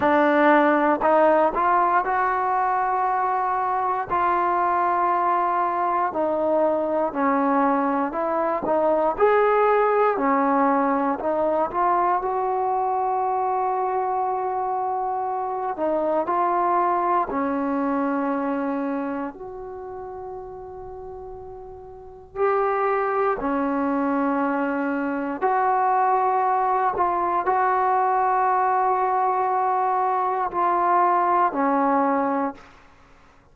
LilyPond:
\new Staff \with { instrumentName = "trombone" } { \time 4/4 \tempo 4 = 59 d'4 dis'8 f'8 fis'2 | f'2 dis'4 cis'4 | e'8 dis'8 gis'4 cis'4 dis'8 f'8 | fis'2.~ fis'8 dis'8 |
f'4 cis'2 fis'4~ | fis'2 g'4 cis'4~ | cis'4 fis'4. f'8 fis'4~ | fis'2 f'4 cis'4 | }